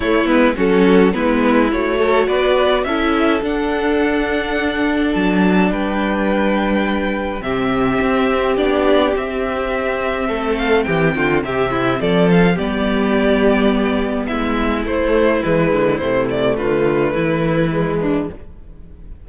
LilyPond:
<<
  \new Staff \with { instrumentName = "violin" } { \time 4/4 \tempo 4 = 105 cis''8 b'8 a'4 b'4 cis''4 | d''4 e''4 fis''2~ | fis''4 a''4 g''2~ | g''4 e''2 d''4 |
e''2~ e''8 f''8 g''4 | e''4 d''8 f''8 d''2~ | d''4 e''4 c''4 b'4 | c''8 d''8 b'2. | }
  \new Staff \with { instrumentName = "violin" } { \time 4/4 e'4 fis'4 e'4. a'8 | b'4 a'2.~ | a'2 b'2~ | b'4 g'2.~ |
g'2 a'4 g'8 f'8 | g'8 e'8 a'4 g'2~ | g'4 e'2.~ | e'4 f'4 e'4. d'8 | }
  \new Staff \with { instrumentName = "viola" } { \time 4/4 a8 b8 cis'4 b4 fis'4~ | fis'4 e'4 d'2~ | d'1~ | d'4 c'2 d'4 |
c'1~ | c'2 b2~ | b2 a4 gis4 | a2. gis4 | }
  \new Staff \with { instrumentName = "cello" } { \time 4/4 a8 gis8 fis4 gis4 a4 | b4 cis'4 d'2~ | d'4 fis4 g2~ | g4 c4 c'4 b4 |
c'2 a4 e8 d8 | c4 f4 g2~ | g4 gis4 a4 e8 d8 | c4 d4 e2 | }
>>